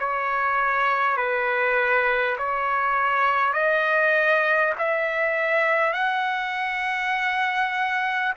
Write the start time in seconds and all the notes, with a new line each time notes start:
0.00 C#5
1.17 B4
2.38 C#5
3.53 D#5
4.79 E5
5.93 F#5